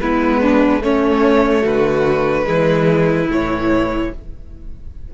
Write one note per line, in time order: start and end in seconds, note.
0.00 0.83 G#3
0.00 0.81 B3
0.00 0.41 E4
0.00 0.82 B4
0.41 0.82 D4
0.81 2.44 A3
0.81 1.64 A3
0.81 1.62 C#4
0.81 1.65 C#5
1.62 2.46 D3
1.62 2.44 F#4
1.62 3.30 B4
2.44 3.27 E3
2.44 3.26 G#3
2.44 4.12 E4
3.27 4.09 A2
3.27 4.13 E3
3.27 4.14 C#5